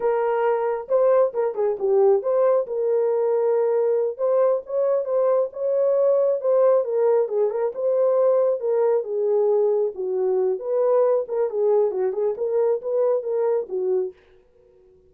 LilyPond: \new Staff \with { instrumentName = "horn" } { \time 4/4 \tempo 4 = 136 ais'2 c''4 ais'8 gis'8 | g'4 c''4 ais'2~ | ais'4. c''4 cis''4 c''8~ | c''8 cis''2 c''4 ais'8~ |
ais'8 gis'8 ais'8 c''2 ais'8~ | ais'8 gis'2 fis'4. | b'4. ais'8 gis'4 fis'8 gis'8 | ais'4 b'4 ais'4 fis'4 | }